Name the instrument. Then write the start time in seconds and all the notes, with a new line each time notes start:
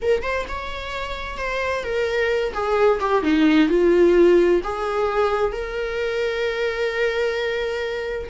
viola
0.01 A#4
0.22 C5
0.48 C#5
1.37 C5
1.83 A#4
2.53 G#4
2.99 G4
3.23 D#4
3.68 F4
4.63 G#4
5.52 A#4